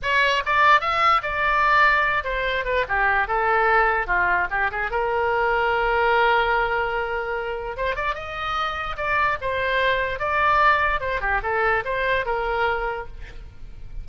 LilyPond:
\new Staff \with { instrumentName = "oboe" } { \time 4/4 \tempo 4 = 147 cis''4 d''4 e''4 d''4~ | d''4. c''4 b'8 g'4 | a'2 f'4 g'8 gis'8 | ais'1~ |
ais'2. c''8 d''8 | dis''2 d''4 c''4~ | c''4 d''2 c''8 g'8 | a'4 c''4 ais'2 | }